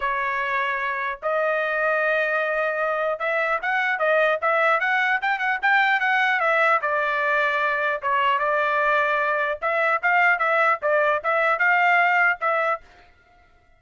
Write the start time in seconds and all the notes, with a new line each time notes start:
0.00 C#5
1.22 D#5
3.19 E5
3.62 F#5
3.99 D#5
4.41 E5
4.80 F#5
5.21 G5
5.38 F#5
5.62 G5
5.99 F#5
6.40 E5
6.81 D5
8.01 C#5
8.39 D5
9.61 E5
10.02 F5
10.39 E5
10.81 D5
11.23 E5
11.59 F5
12.40 E5